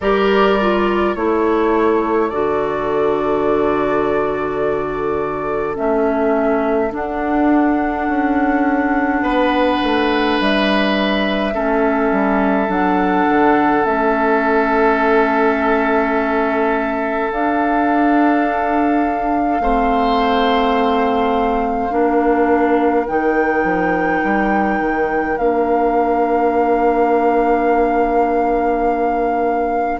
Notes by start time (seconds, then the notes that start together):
0.00 G3 G4 A#4 D5
0.60 F4
1.15 A3 E4 A4 C#5
2.29 D3 F#4 D5
5.75 A3 C#4 E5
6.90 D4 F#5
8.08 C#4
9.21 B3 B4
9.83 A3
10.39 G3 E5
11.54 A3 C#4 A4
12.11 G3
12.67 F#3 D4 F#5
13.28 D3
13.84 A3 C#4 E5
17.31 D4 F5
19.59 A3 C4 C5
21.90 A#3 D4 A#4
23.07 D#3 D#4 G5
23.64 F3
24.23 G3
24.80 D#3
25.37 A#3 D4 F5